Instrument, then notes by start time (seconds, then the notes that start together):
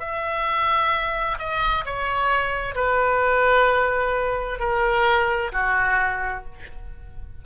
oboe
0.00 E5
1.38 D#5
1.85 C#5
2.75 B4
4.59 A#4
5.52 F#4